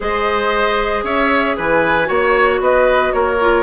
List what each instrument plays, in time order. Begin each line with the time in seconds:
0.00 bassoon G#3, clarinet G#4, oboe C5, flute D#5
1.03 bassoon C#4, oboe C#5, flute E5
1.57 bassoon E3, oboe B4, flute G#5
2.05 bassoon A#3, clarinet F#4, oboe C#5, flute C#5
2.60 bassoon B3, oboe B4, flute D#5
3.12 bassoon A#3, oboe A#4, flute C#5
3.40 clarinet F4